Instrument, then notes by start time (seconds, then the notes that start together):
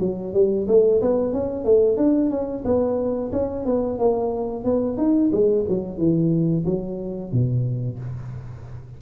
tuba
0.00 F#3
0.34 G3
0.68 A3
1.01 B3
1.33 C#4
1.65 A3
1.97 D4
2.30 C#4
2.65 B3
3.32 C#4
3.65 B3
3.98 A#3
4.64 B3
4.97 D#4
5.32 G#3
5.69 F#3
5.98 E3
6.65 F#3
7.32 B2